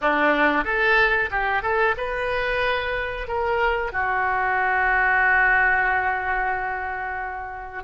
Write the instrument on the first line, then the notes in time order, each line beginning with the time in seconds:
oboe
0.01 D4
0.64 A4
1.30 G4
1.62 A4
1.97 B4
3.27 A#4
3.92 F#4